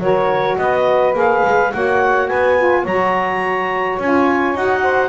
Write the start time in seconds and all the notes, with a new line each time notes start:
0.00 F#3 F#4 A#4 C#5
0.58 B3 B4 D#5
1.13 A#3 G#4 F5
1.45 G#3
1.73 A#3 F#4 C#5 F#5
2.27 B3 B4 G#5
2.59 F4
2.82 F#3 F#4 C#5 A#5
3.99 C#4 F4 G#5
4.55 D#4 F#4 F#5
4.82 C5